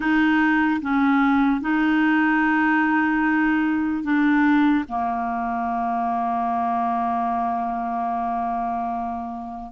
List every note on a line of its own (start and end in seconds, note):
0.00 0.81 D#4
0.81 1.60 C#4
1.60 4.03 D#4
4.03 4.84 D4
4.88 9.72 A#3